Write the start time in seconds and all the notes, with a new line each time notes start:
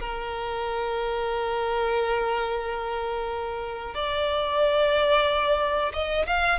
0.00 A#4
3.95 D5
5.93 D#5
6.26 F5